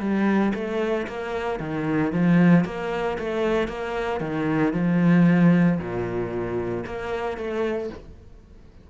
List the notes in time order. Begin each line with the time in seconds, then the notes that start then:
0.00 G3
0.54 A3
1.07 A#3
1.60 D#3
2.12 F3
2.65 A#3
3.18 A3
3.68 A#3
4.21 D#3
4.73 F3
5.79 A#2
6.86 A#3
7.37 A3